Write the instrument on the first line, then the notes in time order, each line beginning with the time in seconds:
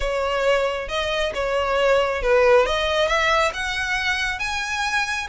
violin
0.00 C#5
0.88 D#5
1.34 C#5
2.22 B4
2.66 D#5
3.07 E5
3.53 F#5
4.39 G#5